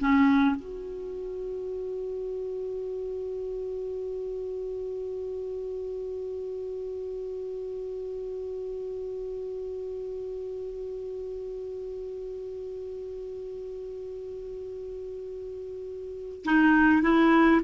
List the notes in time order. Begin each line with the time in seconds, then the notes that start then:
0.00 C#4
0.56 F#4
16.44 D#4
17.03 E4